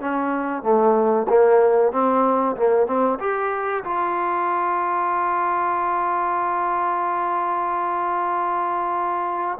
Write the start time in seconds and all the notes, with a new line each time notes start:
0.00 C#4
0.63 A3
1.28 A#3
1.92 C4
2.56 A#3
2.86 C4
3.19 G4
3.84 F4